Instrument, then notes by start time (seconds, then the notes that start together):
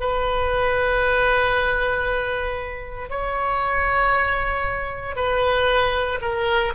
oboe
0.00 B4
3.09 C#5
5.16 B4
6.21 A#4